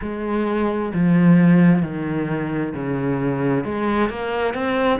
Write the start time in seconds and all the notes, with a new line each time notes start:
0.01 G#3
0.93 F3
1.82 D#3
2.74 C#3
3.64 G#3
4.09 A#3
4.54 C4